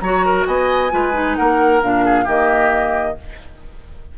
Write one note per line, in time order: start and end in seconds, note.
0.00 0.45 F#3
0.00 0.90 F#4
0.00 0.25 C#5
0.00 0.45 A#5
0.25 0.47 A#4
0.46 0.92 B3
0.46 0.92 D#5
0.46 1.36 G#5
0.90 1.37 G#3
0.90 1.12 F4
0.90 1.37 B4
1.12 1.80 D#4
1.36 1.83 A#3
1.36 2.05 A#4
1.36 1.81 F#5
1.82 2.27 A#2
1.82 2.26 D4
1.82 2.27 F5
2.05 2.24 G#4
2.24 3.17 D#3
2.24 3.17 A#3
2.24 3.14 G4
2.24 3.17 D#5